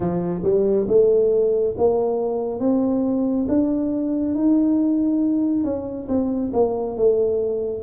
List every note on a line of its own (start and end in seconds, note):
0.00 0.42 F3
0.43 0.87 G3
0.88 1.75 A3
1.77 2.59 A#3
2.59 3.46 C4
3.48 4.34 D4
4.34 5.64 D#4
5.64 6.07 C#4
6.08 6.51 C4
6.53 6.96 A#3
6.96 7.83 A3